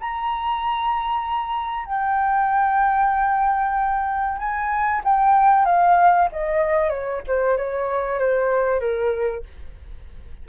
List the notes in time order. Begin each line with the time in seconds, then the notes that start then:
0.00 A#5
1.85 G5
4.38 G#5
5.04 G5
5.65 F5
6.32 D#5
6.89 C#5
7.27 C5
7.57 C#5
8.19 C5
8.80 A#4